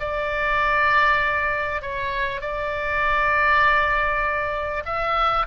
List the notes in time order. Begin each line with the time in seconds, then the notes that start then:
0.00 D5
1.82 C#5
2.41 D5
4.86 E5